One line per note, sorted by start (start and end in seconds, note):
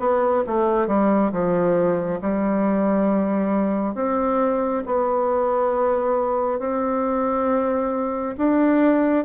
0.00 0.44 B3
0.47 0.88 A3
0.88 1.32 G3
1.32 2.21 F3
2.21 3.95 G3
3.95 4.83 C4
4.86 6.59 B3
6.59 8.36 C4
8.38 9.25 D4